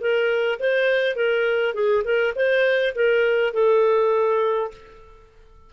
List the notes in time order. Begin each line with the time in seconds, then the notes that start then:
0.00 A#4
0.59 C5
1.16 A#4
1.74 G#4
2.04 A#4
2.36 C5
2.95 A#4
3.53 A4